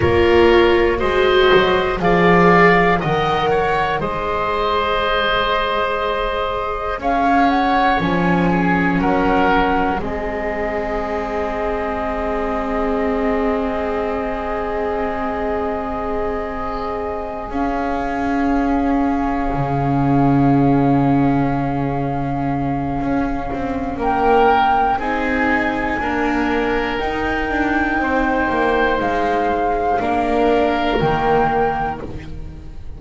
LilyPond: <<
  \new Staff \with { instrumentName = "flute" } { \time 4/4 \tempo 4 = 60 cis''4 dis''4 f''4 fis''4 | dis''2. f''8 fis''8 | gis''4 fis''4 dis''2~ | dis''1~ |
dis''4. f''2~ f''8~ | f''1 | g''4 gis''2 g''4~ | g''4 f''2 g''4 | }
  \new Staff \with { instrumentName = "oboe" } { \time 4/4 ais'4 c''4 d''4 dis''8 cis''8 | c''2. cis''4~ | cis''8 gis'8 ais'4 gis'2~ | gis'1~ |
gis'1~ | gis'1 | ais'4 gis'4 ais'2 | c''2 ais'2 | }
  \new Staff \with { instrumentName = "viola" } { \time 4/4 f'4 fis'4 gis'4 ais'4 | gis'1 | cis'2 c'2~ | c'1~ |
c'4. cis'2~ cis'8~ | cis'1~ | cis'4 dis'4 ais4 dis'4~ | dis'2 d'4 ais4 | }
  \new Staff \with { instrumentName = "double bass" } { \time 4/4 ais4 gis8 fis8 f4 dis4 | gis2. cis'4 | f4 fis4 gis2~ | gis1~ |
gis4. cis'2 cis8~ | cis2. cis'8 c'8 | ais4 c'4 d'4 dis'8 d'8 | c'8 ais8 gis4 ais4 dis4 | }
>>